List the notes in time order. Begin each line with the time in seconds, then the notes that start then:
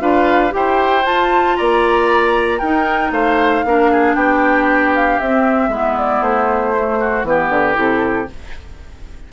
0.00 D4 F4 B4 F5
0.50 E4 G4 C5 G5
1.04 F4 A5
1.57 A#3 D5 A#5
2.59 D#4 A#4 G5
3.11 A3 C5 F5
3.65 A#3 D4 A#4
3.91 G#4
4.15 B3 G4 G5
4.95 F5
5.19 C4 E5
5.68 G#3 B3 E4
5.98 D5
6.21 A3 C5
6.76 A3
7.00 F#4
7.23 E3 B3 G4 B4
7.49 D3
7.73 C3 E4 A4